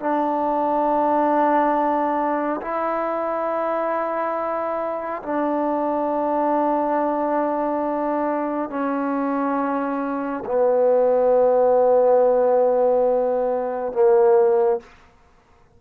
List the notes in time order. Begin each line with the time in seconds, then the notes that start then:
0.00 D4
2.62 E4
5.23 D4
8.70 C#4
10.46 B3
13.93 A#3